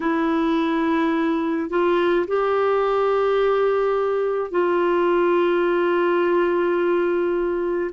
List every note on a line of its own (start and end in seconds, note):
0.00 1.69 E4
1.69 2.26 F4
2.26 4.50 G4
4.50 7.90 F4